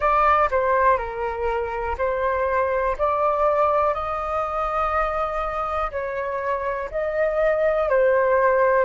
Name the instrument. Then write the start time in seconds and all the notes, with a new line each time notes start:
flute
0.00 D5
0.50 C5
0.97 A#4
1.98 C5
2.98 D5
3.93 D#5
5.91 C#5
6.90 D#5
7.89 C5